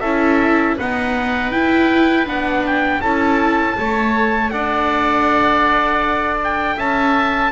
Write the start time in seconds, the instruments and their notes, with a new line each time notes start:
0.00 double bass C#4, viola E4, oboe A4, trumpet E5
0.77 viola B3, double bass D#4, oboe B4, trumpet F#5
1.51 viola E4, double bass E4, trumpet G5
2.26 double bass B3, viola D4, trumpet F#5
2.66 trumpet G5
3.01 double bass C#4, viola E4, oboe A4, trumpet A5
3.77 double bass A3, viola A4, oboe C#5
4.50 double bass D4, oboe D5, trumpet F#5
6.44 trumpet G5
6.76 double bass C#4, oboe E5, trumpet A5